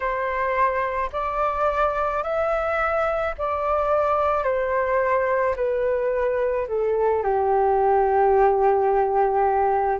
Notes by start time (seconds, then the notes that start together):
0.00 C5
1.12 D5
2.23 E5
3.37 D5
4.43 C5
5.56 B4
6.67 A4
7.23 G4